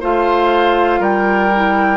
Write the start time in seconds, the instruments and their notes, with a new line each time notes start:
0.00 bassoon A3, clarinet F4, oboe C5, flute F5
0.99 bassoon G3, oboe A#4, flute G5
1.55 clarinet E4